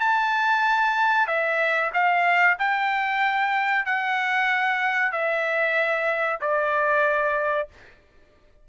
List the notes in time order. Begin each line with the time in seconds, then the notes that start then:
0.00 A5
1.27 E5
1.94 F5
2.59 G5
3.86 F#5
5.12 E5
6.41 D5